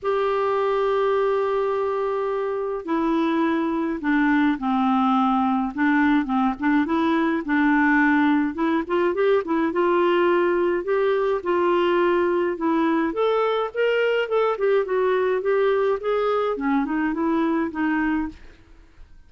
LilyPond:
\new Staff \with { instrumentName = "clarinet" } { \time 4/4 \tempo 4 = 105 g'1~ | g'4 e'2 d'4 | c'2 d'4 c'8 d'8 | e'4 d'2 e'8 f'8 |
g'8 e'8 f'2 g'4 | f'2 e'4 a'4 | ais'4 a'8 g'8 fis'4 g'4 | gis'4 cis'8 dis'8 e'4 dis'4 | }